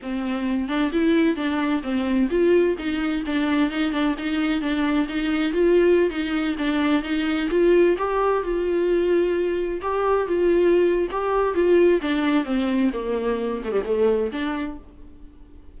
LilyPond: \new Staff \with { instrumentName = "viola" } { \time 4/4 \tempo 4 = 130 c'4. d'8 e'4 d'4 | c'4 f'4 dis'4 d'4 | dis'8 d'8 dis'4 d'4 dis'4 | f'4~ f'16 dis'4 d'4 dis'8.~ |
dis'16 f'4 g'4 f'4.~ f'16~ | f'4~ f'16 g'4 f'4.~ f'16 | g'4 f'4 d'4 c'4 | ais4. a16 g16 a4 d'4 | }